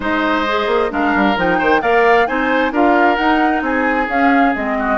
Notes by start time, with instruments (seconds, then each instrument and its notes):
0.00 bassoon G#3, clarinet D#4, oboe C5, flute D#5
0.47 clarinet G#4
0.66 bassoon A#3
0.89 bassoon G#3, clarinet D4, oboe A#4, flute F5
1.15 bassoon G3
1.36 bassoon F3, clarinet D#4, flute G5
1.58 bassoon D#3, oboe C5
1.80 bassoon A#3, clarinet A#4, oboe D5, flute F5
2.27 bassoon C4, clarinet D#4, oboe C5, flute G#5
2.71 bassoon D4, clarinet F4, oboe A#4, flute F5
3.16 clarinet D#4, bassoon D#4, flute F#5
3.61 bassoon C4, oboe G#4, flute G#5
4.08 bassoon C#4, clarinet C#4, flute F5
4.55 bassoon G#3, clarinet C4, flute D#5
4.79 oboe F#4